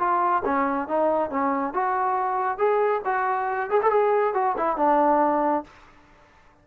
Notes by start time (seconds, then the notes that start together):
0.00 F4
0.45 C#4
0.88 D#4
1.31 C#4
1.74 F#4
2.59 G#4
3.05 F#4
3.70 G#4
3.83 A4
3.91 G#4
4.35 F#4
4.58 E4
4.77 D4